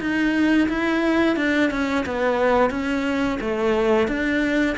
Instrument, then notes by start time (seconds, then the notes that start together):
cello
0.00 D#4
0.68 E4
1.36 D4
1.70 C#4
2.06 B3
2.70 C#4
3.40 A3
4.08 D4